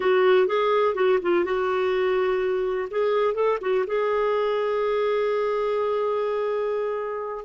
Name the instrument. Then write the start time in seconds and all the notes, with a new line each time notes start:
clarinet
0.00 F#4
0.47 G#4
0.94 F#4
1.21 F4
1.44 F#4
2.90 G#4
3.34 A4
3.61 F#4
3.86 G#4